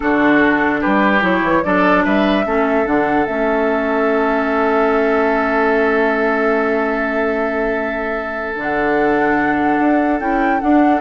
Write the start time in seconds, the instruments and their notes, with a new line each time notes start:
0.00 bassoon D3, clarinet D4, oboe F#4, flute A4
0.80 bassoon G3, oboe G4, flute B4
1.20 bassoon F#3, clarinet E4, flute C#5
1.42 bassoon E3
1.64 bassoon F#3, clarinet D4, oboe A4, flute D5
2.04 bassoon G3, oboe B4, flute E5
2.45 bassoon A3, clarinet C#4, oboe A4
2.85 bassoon D3, clarinet D4, flute F#5
3.25 bassoon A3, clarinet C#4, flute E5
8.56 bassoon D3, clarinet D4, flute F#5
9.79 bassoon D4
10.19 bassoon C#4, clarinet E4, flute G5
10.60 clarinet D4, bassoon D4, flute F#5